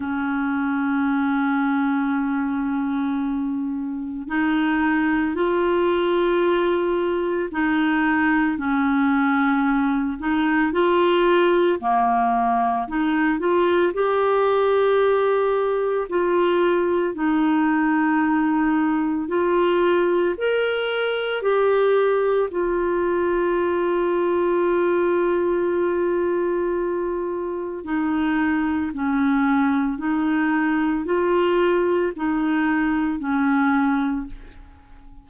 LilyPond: \new Staff \with { instrumentName = "clarinet" } { \time 4/4 \tempo 4 = 56 cis'1 | dis'4 f'2 dis'4 | cis'4. dis'8 f'4 ais4 | dis'8 f'8 g'2 f'4 |
dis'2 f'4 ais'4 | g'4 f'2.~ | f'2 dis'4 cis'4 | dis'4 f'4 dis'4 cis'4 | }